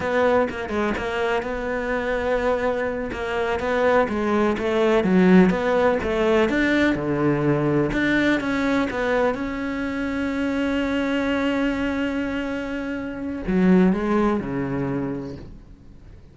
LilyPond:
\new Staff \with { instrumentName = "cello" } { \time 4/4 \tempo 4 = 125 b4 ais8 gis8 ais4 b4~ | b2~ b8 ais4 b8~ | b8 gis4 a4 fis4 b8~ | b8 a4 d'4 d4.~ |
d8 d'4 cis'4 b4 cis'8~ | cis'1~ | cis'1 | fis4 gis4 cis2 | }